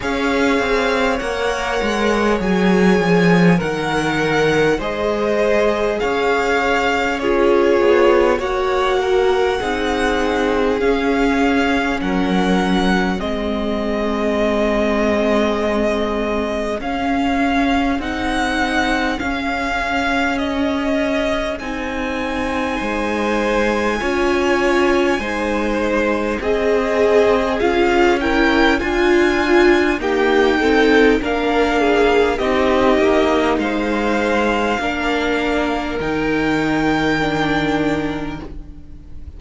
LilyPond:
<<
  \new Staff \with { instrumentName = "violin" } { \time 4/4 \tempo 4 = 50 f''4 fis''4 gis''4 fis''4 | dis''4 f''4 cis''4 fis''4~ | fis''4 f''4 fis''4 dis''4~ | dis''2 f''4 fis''4 |
f''4 dis''4 gis''2~ | gis''2 dis''4 f''8 g''8 | gis''4 g''4 f''4 dis''4 | f''2 g''2 | }
  \new Staff \with { instrumentName = "violin" } { \time 4/4 cis''2. ais'4 | c''4 cis''4 gis'4 cis''8 ais'8 | gis'2 ais'4 gis'4~ | gis'1~ |
gis'2. c''4 | cis''4 c''4 gis'4. ais'8 | f'4 g'8 a'8 ais'8 gis'8 g'4 | c''4 ais'2. | }
  \new Staff \with { instrumentName = "viola" } { \time 4/4 gis'4 ais'4 gis'4 ais'4 | gis'2 f'4 fis'4 | dis'4 cis'2 c'4~ | c'2 cis'4 dis'4 |
cis'2 dis'2 | f'4 dis'4 gis'4 f'8 e'8 | f'4 ais8 c'8 d'4 dis'4~ | dis'4 d'4 dis'4 d'4 | }
  \new Staff \with { instrumentName = "cello" } { \time 4/4 cis'8 c'8 ais8 gis8 fis8 f8 dis4 | gis4 cis'4. b8 ais4 | c'4 cis'4 fis4 gis4~ | gis2 cis'4 c'4 |
cis'2 c'4 gis4 | cis'4 gis4 c'4 cis'4 | d'4 dis'4 ais4 c'8 ais8 | gis4 ais4 dis2 | }
>>